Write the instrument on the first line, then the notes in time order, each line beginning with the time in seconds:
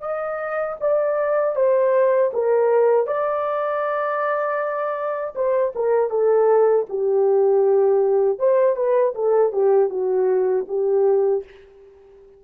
horn
0.00 D#5
0.80 D5
1.55 C5
2.33 A#4
3.06 D5
5.35 C5
5.75 A#4
6.09 A4
6.89 G4
8.39 C5
8.75 B4
9.14 A4
9.52 G4
9.89 F#4
10.67 G4